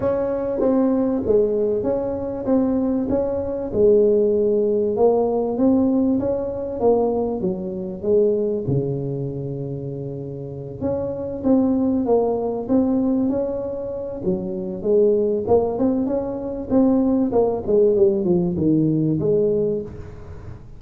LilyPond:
\new Staff \with { instrumentName = "tuba" } { \time 4/4 \tempo 4 = 97 cis'4 c'4 gis4 cis'4 | c'4 cis'4 gis2 | ais4 c'4 cis'4 ais4 | fis4 gis4 cis2~ |
cis4. cis'4 c'4 ais8~ | ais8 c'4 cis'4. fis4 | gis4 ais8 c'8 cis'4 c'4 | ais8 gis8 g8 f8 dis4 gis4 | }